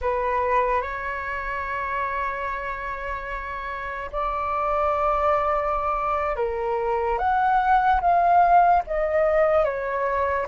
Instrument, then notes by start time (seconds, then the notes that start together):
flute
0.01 B4
0.81 C#5
4.12 D5
6.36 A#4
7.18 F#5
8.00 F5
8.87 D#5
9.64 C#5